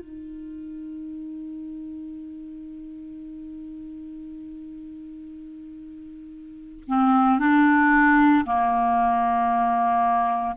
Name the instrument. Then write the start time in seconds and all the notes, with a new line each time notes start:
clarinet
0.00 D#4
6.88 C4
7.40 D4
8.45 A#3